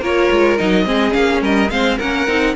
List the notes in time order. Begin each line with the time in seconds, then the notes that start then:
0.00 A#3 F4 A#4 C#5
0.31 G#3
0.58 F#3 D#4 D#5
0.85 G#3 C4 G#4
1.11 A#3 C#4 F5
1.41 G3 A#4 D#5
1.70 G#3 C4 C5 F5
1.97 A#3 C#4 A#4 F#5
2.27 C4 D#4